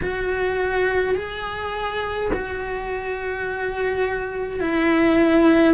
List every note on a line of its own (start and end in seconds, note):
0.02 1.14 F#4
1.14 2.30 G#4
2.33 4.60 F#4
4.60 5.74 E4